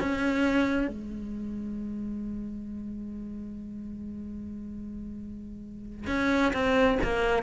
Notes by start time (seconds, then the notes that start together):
0.00 C#4
0.88 G#3
6.07 C#4
6.53 C4
7.03 A#3